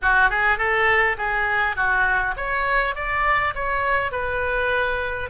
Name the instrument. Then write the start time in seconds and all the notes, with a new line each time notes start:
oboe
0.02 F#4
0.29 G#4
0.58 A4
1.17 G#4
1.75 F#4
2.36 C#5
2.95 D5
3.54 C#5
4.11 B4